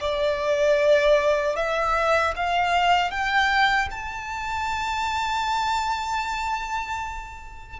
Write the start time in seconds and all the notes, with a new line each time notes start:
0.00 D5
1.55 E5
2.36 F5
3.10 G5
3.90 A5